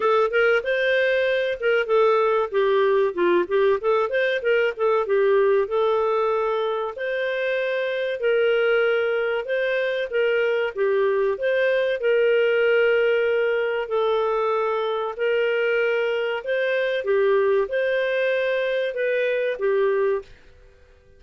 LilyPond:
\new Staff \with { instrumentName = "clarinet" } { \time 4/4 \tempo 4 = 95 a'8 ais'8 c''4. ais'8 a'4 | g'4 f'8 g'8 a'8 c''8 ais'8 a'8 | g'4 a'2 c''4~ | c''4 ais'2 c''4 |
ais'4 g'4 c''4 ais'4~ | ais'2 a'2 | ais'2 c''4 g'4 | c''2 b'4 g'4 | }